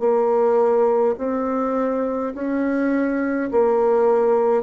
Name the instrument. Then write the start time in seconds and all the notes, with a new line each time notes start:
bassoon
0.00 A#3
1.19 C4
2.35 C#4
3.52 A#3